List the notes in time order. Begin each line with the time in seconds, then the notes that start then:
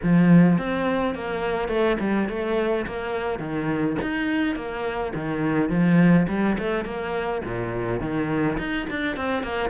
0.02 F3
0.57 C4
1.15 A#3
1.68 A3
2.00 G3
2.28 A3
2.86 A#3
3.39 D#3
4.02 D#4
4.55 A#3
5.14 D#3
5.69 F3
6.28 G3
6.58 A3
6.84 A#3
7.44 A#2
8.00 D#3
8.57 D#4
8.89 D4
9.16 C4
9.43 A#3